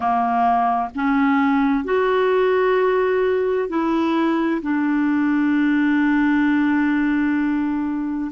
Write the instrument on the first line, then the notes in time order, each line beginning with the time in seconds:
clarinet
0.00 A#3
0.95 C#4
1.84 F#4
3.68 E4
4.62 D4